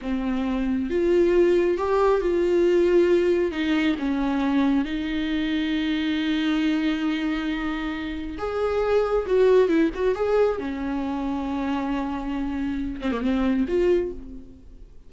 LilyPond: \new Staff \with { instrumentName = "viola" } { \time 4/4 \tempo 4 = 136 c'2 f'2 | g'4 f'2. | dis'4 cis'2 dis'4~ | dis'1~ |
dis'2. gis'4~ | gis'4 fis'4 e'8 fis'8 gis'4 | cis'1~ | cis'4. c'16 ais16 c'4 f'4 | }